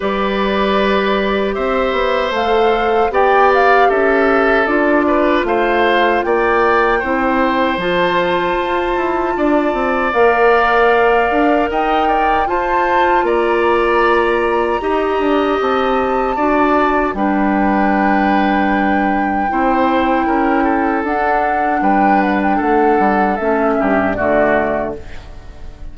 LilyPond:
<<
  \new Staff \with { instrumentName = "flute" } { \time 4/4 \tempo 4 = 77 d''2 e''4 f''4 | g''8 f''8 e''4 d''4 f''4 | g''2 a''2~ | a''4 f''2 g''4 |
a''4 ais''2. | a''2 g''2~ | g''2. fis''4 | g''8 fis''16 g''16 fis''4 e''4 d''4 | }
  \new Staff \with { instrumentName = "oboe" } { \time 4/4 b'2 c''2 | d''4 a'4. b'8 c''4 | d''4 c''2. | d''2. dis''8 d''8 |
c''4 d''2 dis''4~ | dis''4 d''4 b'2~ | b'4 c''4 ais'8 a'4. | b'4 a'4. g'8 fis'4 | }
  \new Staff \with { instrumentName = "clarinet" } { \time 4/4 g'2. a'4 | g'2 f'2~ | f'4 e'4 f'2~ | f'4 ais'2. |
f'2. g'4~ | g'4 fis'4 d'2~ | d'4 e'2 d'4~ | d'2 cis'4 a4 | }
  \new Staff \with { instrumentName = "bassoon" } { \time 4/4 g2 c'8 b8 a4 | b4 cis'4 d'4 a4 | ais4 c'4 f4 f'8 e'8 | d'8 c'8 ais4. d'8 dis'4 |
f'4 ais2 dis'8 d'8 | c'4 d'4 g2~ | g4 c'4 cis'4 d'4 | g4 a8 g8 a8 g,8 d4 | }
>>